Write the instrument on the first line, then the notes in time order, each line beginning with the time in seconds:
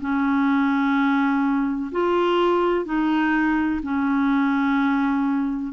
clarinet
0.00 C#4
1.91 F4
2.85 D#4
3.82 C#4